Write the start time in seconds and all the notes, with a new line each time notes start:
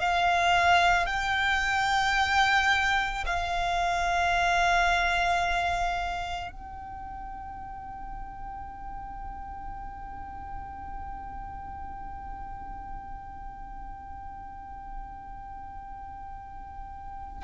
0.00 F5
1.06 G5
3.26 F5
6.52 G5